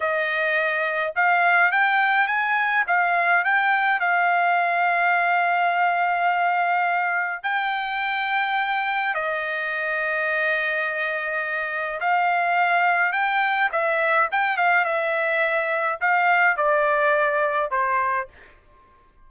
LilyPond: \new Staff \with { instrumentName = "trumpet" } { \time 4/4 \tempo 4 = 105 dis''2 f''4 g''4 | gis''4 f''4 g''4 f''4~ | f''1~ | f''4 g''2. |
dis''1~ | dis''4 f''2 g''4 | e''4 g''8 f''8 e''2 | f''4 d''2 c''4 | }